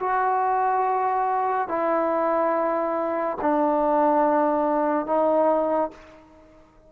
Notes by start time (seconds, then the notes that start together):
0.00 F#4
1.68 E4
3.41 D4
5.06 D#4